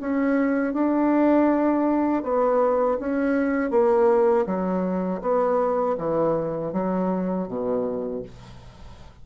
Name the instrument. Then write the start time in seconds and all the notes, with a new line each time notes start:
bassoon
0.00 C#4
0.73 D4
2.23 B3
2.99 C#4
3.71 A#3
4.46 F#3
5.21 B3
5.98 E3
6.73 F#3
7.48 B2